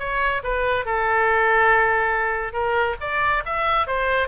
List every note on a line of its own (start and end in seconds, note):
0.00 0.43 C#5
0.44 0.86 B4
0.86 2.53 A4
2.53 2.96 A#4
3.01 3.44 D5
3.46 3.87 E5
3.87 4.28 C5